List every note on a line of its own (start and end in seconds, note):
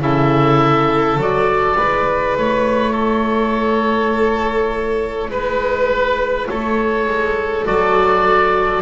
0.00 1.17 C#3
0.00 1.18 E4
0.00 1.77 A4
0.00 1.20 E5
1.17 1.75 F#3
1.17 1.76 F#4
1.17 2.38 D5
1.76 2.37 G#3
1.76 7.64 E4
1.76 2.92 B4
2.37 5.30 A3
2.37 5.31 C#5
2.92 5.28 A4
5.30 6.47 G#3
5.30 6.48 B4
6.49 7.07 A3
6.49 8.82 A4
6.49 7.66 C#5
7.07 7.66 G#3
7.64 8.82 F#3
7.64 8.82 F#4
7.64 8.82 D5